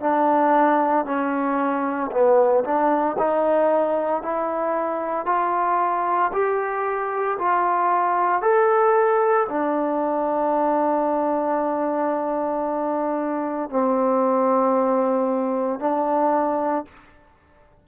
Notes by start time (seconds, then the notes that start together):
0.00 D4
1.05 C#4
2.11 B3
2.64 D4
3.18 D#4
4.22 E4
5.26 F4
6.33 G4
7.38 F4
8.42 A4
9.49 D4
13.70 C4
15.79 D4